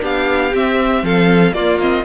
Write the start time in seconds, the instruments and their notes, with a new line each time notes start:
0.00 cello B3, viola D4, violin G4 F5
0.54 viola C4, cello C4, violin E5
1.03 cello F3, violin A4 F5
1.53 cello A#3, viola A#3, violin F4 D5
1.80 viola C4, violin D#5